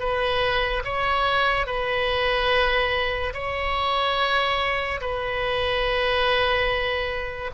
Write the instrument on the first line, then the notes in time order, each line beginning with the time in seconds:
oboe
0.00 B4
0.85 C#5
1.67 B4
3.34 C#5
5.01 B4